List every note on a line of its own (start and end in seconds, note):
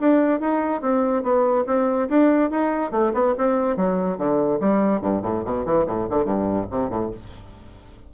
0.00 0.40 D4
0.40 0.82 D#4
0.82 1.23 C4
1.23 1.65 B3
1.67 2.09 C4
2.09 2.51 D4
2.51 2.92 D#4
2.92 3.13 A3
3.14 3.35 B3
3.38 3.77 C4
3.77 4.18 F#3
4.18 4.60 D3
4.61 5.02 G3
5.02 5.23 G2
5.23 5.44 A2
5.45 5.66 B2
5.66 5.87 E3
5.87 6.08 A2
6.10 6.25 D3
6.25 6.67 G2
6.71 6.90 C3
6.90 7.11 A2